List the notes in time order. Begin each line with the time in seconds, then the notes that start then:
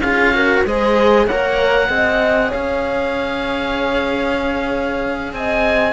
0.00 C#4 F4 G#4 F5
0.34 F#4 A#4
0.65 G#3 G#4 C5 D#5
1.26 A#3 A#4 C#5 F#5
1.89 C4 G#4 D#5
2.49 C#5 F5
2.55 C#4
5.33 C4 D#5 G#5